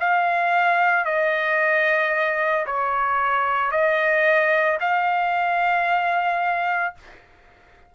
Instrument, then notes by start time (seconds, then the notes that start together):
trumpet
0.00 F5
1.05 D#5
2.66 C#5
3.71 D#5
4.80 F5